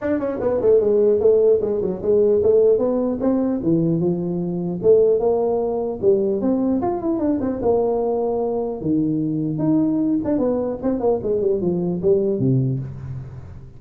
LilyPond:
\new Staff \with { instrumentName = "tuba" } { \time 4/4 \tempo 4 = 150 d'8 cis'8 b8 a8 gis4 a4 | gis8 fis8 gis4 a4 b4 | c'4 e4 f2 | a4 ais2 g4 |
c'4 f'8 e'8 d'8 c'8 ais4~ | ais2 dis2 | dis'4. d'8 b4 c'8 ais8 | gis8 g8 f4 g4 c4 | }